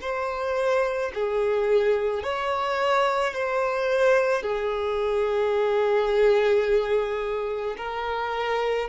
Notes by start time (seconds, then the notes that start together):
0.00 C5
1.14 G#4
2.23 C#5
3.33 C5
4.42 G#4
7.77 A#4